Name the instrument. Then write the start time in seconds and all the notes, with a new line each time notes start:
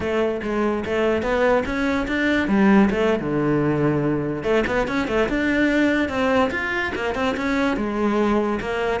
cello
0.00 A3
0.43 G#3
0.85 A3
1.22 B3
1.65 C#4
2.07 D4
2.48 G3
2.90 A3
3.19 D3
4.43 A3
4.67 B3
4.87 C#4
5.07 A3
5.29 D4
6.08 C4
6.50 F4
6.95 A#3
7.14 C4
7.36 C#4
7.76 G#3
8.60 A#3